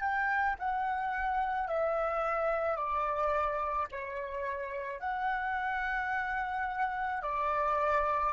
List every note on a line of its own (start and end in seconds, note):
0.00 0.56 G5
0.59 1.68 F#5
1.68 2.76 E5
2.76 3.87 D5
3.91 4.99 C#5
4.99 7.22 F#5
7.22 8.33 D5